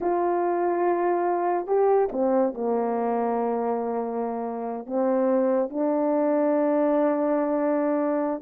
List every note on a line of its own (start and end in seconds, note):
0.00 1.66 F4
1.66 2.09 G4
2.12 2.54 C4
2.54 4.86 A#3
4.86 5.69 C4
5.69 8.42 D4